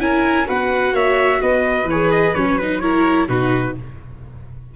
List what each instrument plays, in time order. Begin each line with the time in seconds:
0.00 tuba C#4, viola E4, violin A#4, trumpet G#5
0.45 tuba B3, viola F#4, violin B4, trumpet F#5
0.94 tuba A#3, violin C#5, trumpet E5
1.42 tuba B3, violin B4, trumpet D#5
1.85 tuba E3, trumpet C#5
1.92 viola G#4
2.11 trumpet D#5
2.35 tuba F#3, viola C#4, trumpet C#5
2.59 viola D#4, trumpet B4
2.80 viola E4, violin A#4, trumpet C#5
3.28 tuba B2, viola D#4, violin F#4, trumpet B4